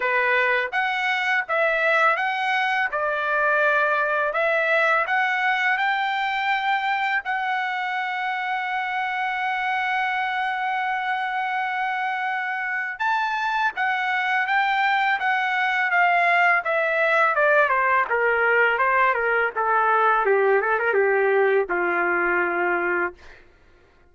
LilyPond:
\new Staff \with { instrumentName = "trumpet" } { \time 4/4 \tempo 4 = 83 b'4 fis''4 e''4 fis''4 | d''2 e''4 fis''4 | g''2 fis''2~ | fis''1~ |
fis''2 a''4 fis''4 | g''4 fis''4 f''4 e''4 | d''8 c''8 ais'4 c''8 ais'8 a'4 | g'8 a'16 ais'16 g'4 f'2 | }